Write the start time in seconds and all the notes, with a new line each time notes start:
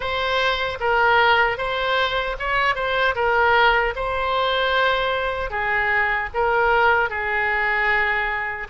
0.00 C5
0.80 A#4
1.57 C5
2.39 C#5
2.75 C5
3.15 A#4
3.95 C5
5.50 G#4
6.34 A#4
7.09 G#4